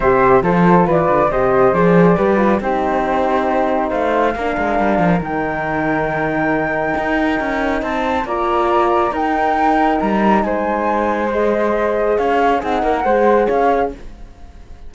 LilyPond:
<<
  \new Staff \with { instrumentName = "flute" } { \time 4/4 \tempo 4 = 138 e''4 c''4 d''4 dis''4 | d''2 c''2~ | c''4 f''2. | g''1~ |
g''2 a''4 ais''4~ | ais''4 g''2 ais''4 | gis''2 dis''2 | f''4 fis''2 f''4 | }
  \new Staff \with { instrumentName = "flute" } { \time 4/4 c''4 a'4 b'4 c''4~ | c''4 b'4 g'2~ | g'4 c''4 ais'2~ | ais'1~ |
ais'2 c''4 d''4~ | d''4 ais'2. | c''1 | cis''4 gis'8 ais'8 c''4 cis''4 | }
  \new Staff \with { instrumentName = "horn" } { \time 4/4 g'4 f'2 g'4 | gis'4 g'8 f'8 dis'2~ | dis'2 d'2 | dis'1~ |
dis'2. f'4~ | f'4 dis'2.~ | dis'2 gis'2~ | gis'4 dis'4 gis'2 | }
  \new Staff \with { instrumentName = "cello" } { \time 4/4 c4 f4 e8 d8 c4 | f4 g4 c'2~ | c'4 a4 ais8 gis8 g8 f8 | dis1 |
dis'4 cis'4 c'4 ais4~ | ais4 dis'2 g4 | gis1 | cis'4 c'8 ais8 gis4 cis'4 | }
>>